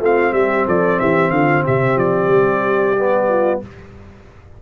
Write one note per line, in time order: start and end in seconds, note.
0.00 0.32 A3
0.00 2.96 C4
0.00 0.33 F4
0.00 0.33 F5
0.32 0.65 G3
0.32 0.67 G4
0.32 0.66 E5
0.67 1.00 F3
0.67 0.99 A4
0.67 0.99 D5
0.99 1.30 E3
0.99 1.32 G4
0.99 1.31 E5
1.30 1.63 D3
1.30 1.64 F4
1.30 1.63 F5
1.64 1.96 C3
1.64 3.27 G4
1.64 1.98 E5
1.96 2.27 F3
1.96 3.61 D5
2.27 3.58 G3
2.97 3.62 B3
3.29 3.61 F4